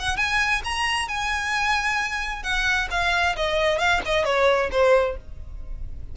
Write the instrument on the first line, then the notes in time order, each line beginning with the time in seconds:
violin
0.00 F#5
0.17 G#5
0.65 A#5
1.08 G#5
2.44 F#5
2.91 F5
3.37 D#5
3.79 F5
4.06 D#5
4.25 C#5
4.72 C5